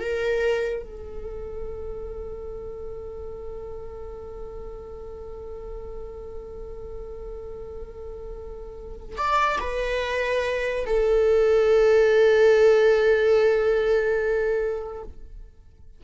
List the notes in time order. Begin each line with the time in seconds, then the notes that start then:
0.00 A#4
0.83 A4
9.18 D5
9.61 B4
10.86 A4